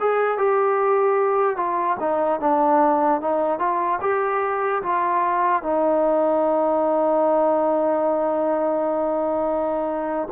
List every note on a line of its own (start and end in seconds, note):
0.00 0.38 G#4
0.38 1.56 G4
1.56 1.97 F4
1.99 2.40 D#4
2.40 3.21 D4
3.21 3.59 D#4
3.59 4.00 F4
4.01 4.82 G4
4.82 5.62 F4
5.62 10.29 D#4